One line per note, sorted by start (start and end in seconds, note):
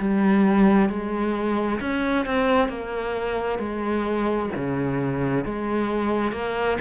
0.00 0.90 G3
0.90 1.81 G#3
1.81 2.26 C#4
2.26 2.69 C4
2.69 3.60 A#3
3.60 4.50 G#3
4.56 5.45 C#3
5.45 6.33 G#3
6.33 6.78 A#3